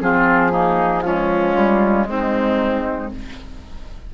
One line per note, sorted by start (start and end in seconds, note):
0.00 1.55 F3
0.00 0.50 C4
0.00 0.51 F4
0.00 1.02 G#4
0.50 1.02 A#3
0.50 1.03 D#4
1.02 3.09 G#3
1.02 2.08 C#4
1.02 2.05 F4
1.55 2.06 G3
2.06 3.10 G#3
2.06 3.12 C4
2.06 3.14 D#4